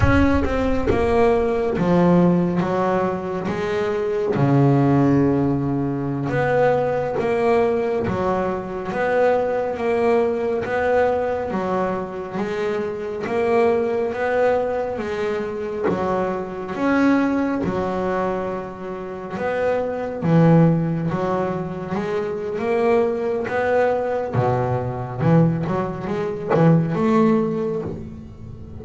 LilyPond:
\new Staff \with { instrumentName = "double bass" } { \time 4/4 \tempo 4 = 69 cis'8 c'8 ais4 f4 fis4 | gis4 cis2~ cis16 b8.~ | b16 ais4 fis4 b4 ais8.~ | ais16 b4 fis4 gis4 ais8.~ |
ais16 b4 gis4 fis4 cis'8.~ | cis'16 fis2 b4 e8.~ | e16 fis4 gis8. ais4 b4 | b,4 e8 fis8 gis8 e8 a4 | }